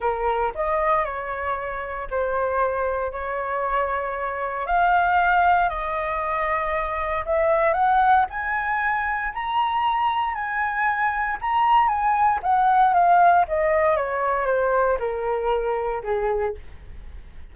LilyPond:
\new Staff \with { instrumentName = "flute" } { \time 4/4 \tempo 4 = 116 ais'4 dis''4 cis''2 | c''2 cis''2~ | cis''4 f''2 dis''4~ | dis''2 e''4 fis''4 |
gis''2 ais''2 | gis''2 ais''4 gis''4 | fis''4 f''4 dis''4 cis''4 | c''4 ais'2 gis'4 | }